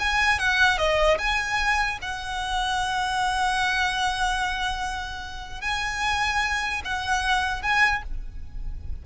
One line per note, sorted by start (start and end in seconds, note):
0.00 0.39 G#5
0.39 0.78 F#5
0.78 1.18 D#5
1.19 1.99 G#5
2.02 5.62 F#5
5.62 6.82 G#5
6.85 7.63 F#5
7.63 8.03 G#5